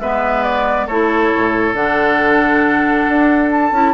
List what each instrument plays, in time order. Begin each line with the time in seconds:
0.00 bassoon G#3, clarinet B3, oboe B4, flute E5
0.43 flute D5
0.87 bassoon A3, clarinet E4, oboe A4, flute C#5
1.36 bassoon A2
1.73 bassoon D3, clarinet D4, flute F#5
3.08 bassoon D4
3.51 flute A5
3.72 bassoon C#4, clarinet E4